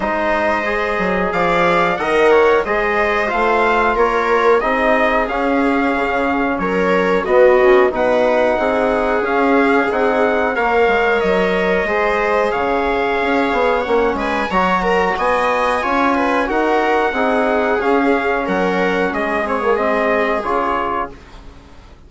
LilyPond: <<
  \new Staff \with { instrumentName = "trumpet" } { \time 4/4 \tempo 4 = 91 dis''2 f''4 fis''4 | dis''4 f''4 cis''4 dis''4 | f''2 cis''4 dis''4 | fis''2 f''4 fis''4 |
f''4 dis''2 f''4~ | f''4 fis''8 gis''8 ais''4 gis''4~ | gis''4 fis''2 f''4 | fis''4 dis''8 cis''8 dis''4 cis''4 | }
  \new Staff \with { instrumentName = "viola" } { \time 4/4 c''2 d''4 dis''8 cis''8 | c''2 ais'4 gis'4~ | gis'2 ais'4 fis'4 | b'4 gis'2. |
cis''2 c''4 cis''4~ | cis''4. b'8 cis''8 ais'8 dis''4 | cis''8 b'8 ais'4 gis'2 | ais'4 gis'2. | }
  \new Staff \with { instrumentName = "trombone" } { \time 4/4 dis'4 gis'2 ais'4 | gis'4 f'2 dis'4 | cis'2. b8 cis'8 | dis'2 cis'4 dis'4 |
ais'2 gis'2~ | gis'4 cis'4 fis'2 | f'4 fis'4 dis'4 cis'4~ | cis'4. c'16 ais16 c'4 f'4 | }
  \new Staff \with { instrumentName = "bassoon" } { \time 4/4 gis4. fis8 f4 dis4 | gis4 a4 ais4 c'4 | cis'4 cis4 fis4 b4 | b,4 c'4 cis'4 c'4 |
ais8 gis8 fis4 gis4 cis4 | cis'8 b8 ais8 gis8 fis4 b4 | cis'4 dis'4 c'4 cis'4 | fis4 gis2 cis4 | }
>>